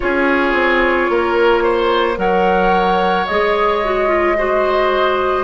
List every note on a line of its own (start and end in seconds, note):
0.00 0.53 C#4
0.00 2.15 F4
0.00 1.11 G#4
0.00 2.17 C#5
0.53 1.07 C4
1.09 2.17 A#3
1.09 1.63 A#4
1.63 2.17 C5
2.17 3.26 F#3
2.17 3.26 A#4
2.17 4.37 C#5
2.17 3.27 F#5
3.27 5.43 G#3
3.27 3.84 G#4
3.27 5.43 D#5
3.84 4.07 F#4
4.07 4.35 F4
4.37 5.43 F#4
4.37 5.43 C5